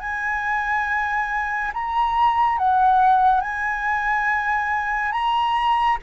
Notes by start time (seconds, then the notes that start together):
0.00 G#5
1.73 A#5
2.58 F#5
3.41 G#5
5.12 A#5